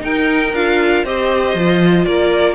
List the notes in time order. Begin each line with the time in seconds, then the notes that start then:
0.00 D#4 A#4 G5
0.53 D4 F4 F5
1.04 C4 G4 C5 D#5
1.54 F3 F4
2.05 A#3 A#4 D5